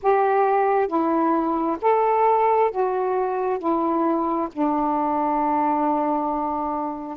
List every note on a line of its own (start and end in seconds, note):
0.02 0.87 G4
0.87 1.77 E4
1.81 2.71 A4
2.71 3.59 F#4
3.59 4.48 E4
4.52 7.17 D4